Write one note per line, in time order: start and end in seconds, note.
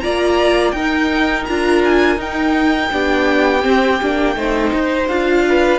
0.00 0.72 A#3
0.00 0.75 F4
0.00 0.75 D5
0.00 0.71 A#5
0.71 1.45 D#4
0.71 1.48 D#4
0.71 2.91 A#4
0.71 1.44 G5
1.46 2.17 D4
1.46 2.18 F4
1.46 1.82 A#5
1.84 2.20 G#5
2.17 2.89 D#4
2.17 2.90 D#4
2.17 5.08 G5
2.91 3.65 B3
2.91 3.61 D4
2.91 4.36 G4
3.61 3.97 C4
3.61 4.01 C4
4.02 4.35 A#3
4.02 4.35 D4
4.35 4.71 A3
4.35 5.07 D#4
4.35 5.45 C5
4.73 5.08 D#4
5.08 5.79 D4
5.08 5.79 F4
5.08 5.79 F5
5.48 5.79 B4